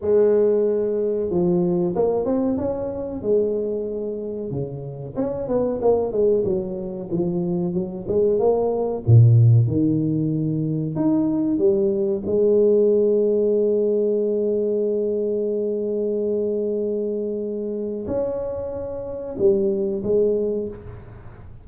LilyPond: \new Staff \with { instrumentName = "tuba" } { \time 4/4 \tempo 4 = 93 gis2 f4 ais8 c'8 | cis'4 gis2 cis4 | cis'8 b8 ais8 gis8 fis4 f4 | fis8 gis8 ais4 ais,4 dis4~ |
dis4 dis'4 g4 gis4~ | gis1~ | gis1 | cis'2 g4 gis4 | }